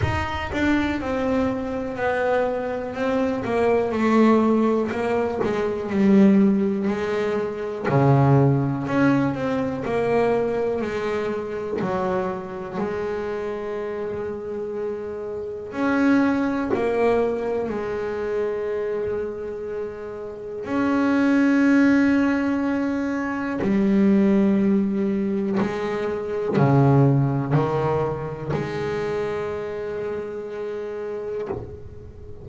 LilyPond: \new Staff \with { instrumentName = "double bass" } { \time 4/4 \tempo 4 = 61 dis'8 d'8 c'4 b4 c'8 ais8 | a4 ais8 gis8 g4 gis4 | cis4 cis'8 c'8 ais4 gis4 | fis4 gis2. |
cis'4 ais4 gis2~ | gis4 cis'2. | g2 gis4 cis4 | dis4 gis2. | }